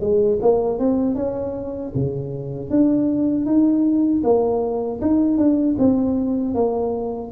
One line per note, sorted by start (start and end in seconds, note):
0.00 0.38 G#3
0.41 0.78 A#3
0.78 1.15 C4
1.15 1.92 C#4
1.94 2.70 C#3
2.70 3.45 D4
3.45 4.22 D#4
4.23 5.00 A#3
5.01 5.37 D#4
5.37 5.76 D4
5.78 6.54 C4
6.54 7.31 A#3